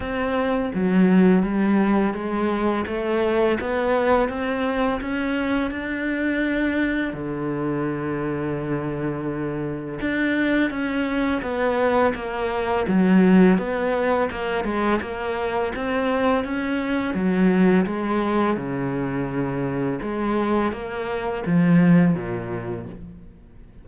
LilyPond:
\new Staff \with { instrumentName = "cello" } { \time 4/4 \tempo 4 = 84 c'4 fis4 g4 gis4 | a4 b4 c'4 cis'4 | d'2 d2~ | d2 d'4 cis'4 |
b4 ais4 fis4 b4 | ais8 gis8 ais4 c'4 cis'4 | fis4 gis4 cis2 | gis4 ais4 f4 ais,4 | }